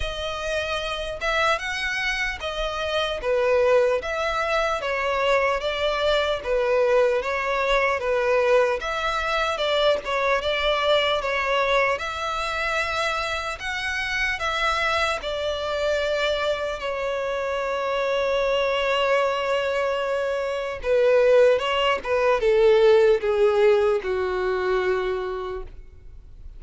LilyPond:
\new Staff \with { instrumentName = "violin" } { \time 4/4 \tempo 4 = 75 dis''4. e''8 fis''4 dis''4 | b'4 e''4 cis''4 d''4 | b'4 cis''4 b'4 e''4 | d''8 cis''8 d''4 cis''4 e''4~ |
e''4 fis''4 e''4 d''4~ | d''4 cis''2.~ | cis''2 b'4 cis''8 b'8 | a'4 gis'4 fis'2 | }